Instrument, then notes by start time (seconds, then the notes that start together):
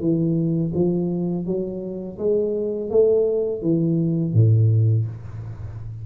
tuba
0.00 E3
0.74 F3
1.46 F#3
2.19 G#3
2.90 A3
3.62 E3
4.33 A2